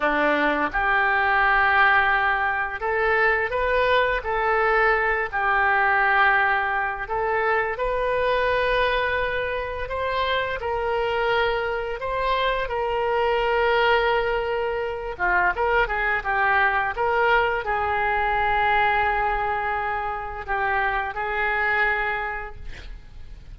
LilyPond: \new Staff \with { instrumentName = "oboe" } { \time 4/4 \tempo 4 = 85 d'4 g'2. | a'4 b'4 a'4. g'8~ | g'2 a'4 b'4~ | b'2 c''4 ais'4~ |
ais'4 c''4 ais'2~ | ais'4. f'8 ais'8 gis'8 g'4 | ais'4 gis'2.~ | gis'4 g'4 gis'2 | }